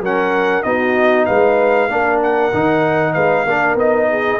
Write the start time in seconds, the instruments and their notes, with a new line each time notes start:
0.00 tuba F#3, trombone C#4, horn A#4, trumpet F#5
0.62 tuba B3, trombone D#4, horn F#4, trumpet D#5
1.25 tuba G#3, horn B4, trumpet F5
1.88 tuba A#3, trombone D4, horn A#4
2.22 trumpet F#5
2.53 tuba D#3, trombone D#4
3.13 tuba G#3, horn B4, trumpet F5
3.44 tuba A#3, trombone D4, horn A#4
3.75 tuba B3, trombone D#4, trumpet D#5
4.10 horn G#4